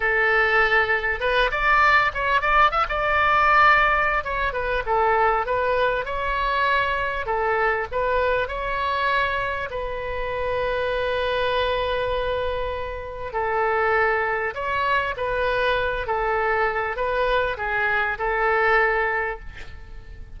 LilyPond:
\new Staff \with { instrumentName = "oboe" } { \time 4/4 \tempo 4 = 99 a'2 b'8 d''4 cis''8 | d''8 e''16 d''2~ d''16 cis''8 b'8 | a'4 b'4 cis''2 | a'4 b'4 cis''2 |
b'1~ | b'2 a'2 | cis''4 b'4. a'4. | b'4 gis'4 a'2 | }